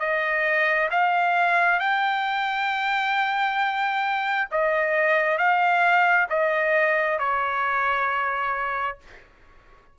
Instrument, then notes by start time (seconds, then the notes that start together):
trumpet
0.00 D#5
0.91 F5
1.80 G5
4.51 D#5
5.38 F5
6.30 D#5
7.19 C#5